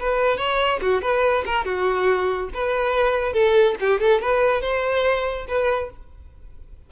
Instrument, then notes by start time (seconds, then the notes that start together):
violin
0.00 B4
0.38 C#5
0.82 F#4
1.02 B4
1.46 A#4
1.65 F#4
2.54 B4
3.34 A4
3.80 G4
4.01 A4
4.22 B4
4.62 C5
5.48 B4